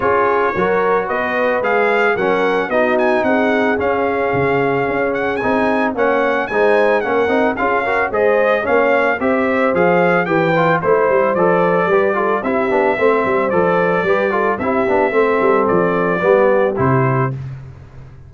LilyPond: <<
  \new Staff \with { instrumentName = "trumpet" } { \time 4/4 \tempo 4 = 111 cis''2 dis''4 f''4 | fis''4 dis''8 gis''8 fis''4 f''4~ | f''4. fis''8 gis''4 fis''4 | gis''4 fis''4 f''4 dis''4 |
f''4 e''4 f''4 g''4 | c''4 d''2 e''4~ | e''4 d''2 e''4~ | e''4 d''2 c''4 | }
  \new Staff \with { instrumentName = "horn" } { \time 4/4 gis'4 ais'4 b'2 | ais'4 fis'4 gis'2~ | gis'2. cis''4 | c''4 ais'4 gis'8 ais'8 c''4 |
cis''4 c''2 b'4 | c''2 b'8 a'8 g'4 | c''2 b'8 a'8 g'4 | a'2 g'2 | }
  \new Staff \with { instrumentName = "trombone" } { \time 4/4 f'4 fis'2 gis'4 | cis'4 dis'2 cis'4~ | cis'2 dis'4 cis'4 | dis'4 cis'8 dis'8 f'8 fis'8 gis'4 |
cis'4 g'4 gis'4 g'8 f'8 | e'4 a'4 g'8 f'8 e'8 d'8 | c'4 a'4 g'8 f'8 e'8 d'8 | c'2 b4 e'4 | }
  \new Staff \with { instrumentName = "tuba" } { \time 4/4 cis'4 fis4 b4 gis4 | fis4 b4 c'4 cis'4 | cis4 cis'4 c'4 ais4 | gis4 ais8 c'8 cis'4 gis4 |
ais4 c'4 f4 e4 | a8 g8 f4 g4 c'8 b8 | a8 g8 f4 g4 c'8 b8 | a8 g8 f4 g4 c4 | }
>>